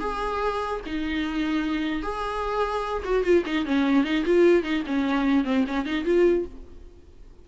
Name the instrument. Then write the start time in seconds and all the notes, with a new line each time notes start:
viola
0.00 G#4
0.86 D#4
2.03 G#4
3.04 F#4
3.24 F4
3.46 D#4
3.66 C#4
4.04 D#4
4.26 F4
4.63 D#4
4.87 C#4
5.45 C4
5.67 C#4
5.86 D#4
6.05 F4